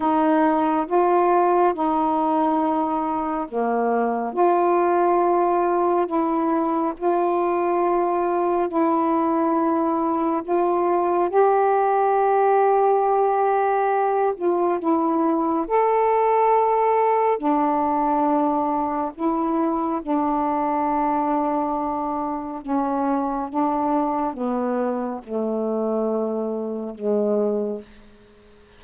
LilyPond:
\new Staff \with { instrumentName = "saxophone" } { \time 4/4 \tempo 4 = 69 dis'4 f'4 dis'2 | ais4 f'2 e'4 | f'2 e'2 | f'4 g'2.~ |
g'8 f'8 e'4 a'2 | d'2 e'4 d'4~ | d'2 cis'4 d'4 | b4 a2 gis4 | }